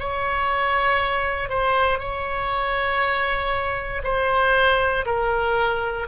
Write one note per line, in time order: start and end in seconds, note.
0.00 1.50 C#5
1.50 1.99 C5
1.99 4.03 C#5
4.04 5.06 C5
5.06 6.08 A#4